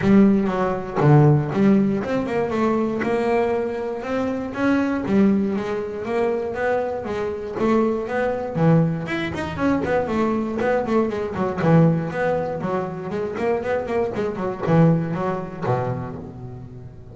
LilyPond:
\new Staff \with { instrumentName = "double bass" } { \time 4/4 \tempo 4 = 119 g4 fis4 d4 g4 | c'8 ais8 a4 ais2 | c'4 cis'4 g4 gis4 | ais4 b4 gis4 a4 |
b4 e4 e'8 dis'8 cis'8 b8 | a4 b8 a8 gis8 fis8 e4 | b4 fis4 gis8 ais8 b8 ais8 | gis8 fis8 e4 fis4 b,4 | }